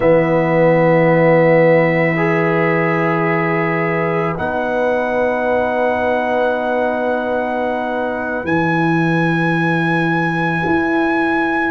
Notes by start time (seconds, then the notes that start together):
0.00 E3 B3 B4 E5
2.17 G#4
4.37 B3 D#4 F#5
8.44 E3 E4 G#5
10.64 E4